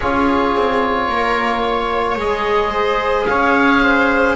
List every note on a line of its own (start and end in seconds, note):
0.00 0.55 C#4
0.00 2.19 F4
0.00 1.09 G#4
0.00 2.18 C#5
0.55 1.08 C4
1.08 2.16 A#3
1.08 1.63 A#4
1.63 2.71 C#5
2.16 3.25 G#3
2.16 4.35 G#4
2.16 3.26 D#5
2.71 3.25 C5
3.26 4.35 C#4
3.26 3.82 C#5
3.26 4.35 F5
3.82 4.35 C5